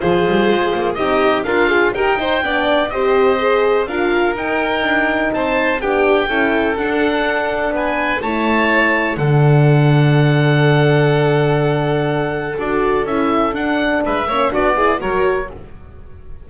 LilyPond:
<<
  \new Staff \with { instrumentName = "oboe" } { \time 4/4 \tempo 4 = 124 c''2 dis''4 f''4 | g''2 dis''2 | f''4 g''2 a''4 | g''2 fis''2 |
gis''4 a''2 fis''4~ | fis''1~ | fis''2 d''4 e''4 | fis''4 e''4 d''4 cis''4 | }
  \new Staff \with { instrumentName = "violin" } { \time 4/4 gis'2 g'4 f'4 | ais'8 c''8 d''4 c''2 | ais'2. c''4 | g'4 a'2. |
b'4 cis''2 a'4~ | a'1~ | a'1~ | a'4 b'8 cis''8 fis'8 gis'8 ais'4 | }
  \new Staff \with { instrumentName = "horn" } { \time 4/4 f'2 dis'4 ais'8 gis'8 | g'8 dis'8 d'4 g'4 gis'4 | f'4 dis'2. | d'4 e'4 d'2~ |
d'4 e'2 d'4~ | d'1~ | d'2 fis'4 e'4 | d'4. cis'8 d'8 e'8 fis'4 | }
  \new Staff \with { instrumentName = "double bass" } { \time 4/4 f8 g8 gis8 ais8 c'4 d'4 | dis'4 b4 c'2 | d'4 dis'4 d'4 c'4 | b4 cis'4 d'2 |
b4 a2 d4~ | d1~ | d2 d'4 cis'4 | d'4 gis8 ais8 b4 fis4 | }
>>